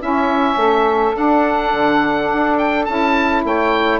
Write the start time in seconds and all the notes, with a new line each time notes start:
0.00 C#4 E4 E5
0.56 A3 A4
1.13 D4 F#5
1.73 D3
2.33 D4
2.58 G5
2.85 C#4 E4 A5
3.44 A3 C#5 G5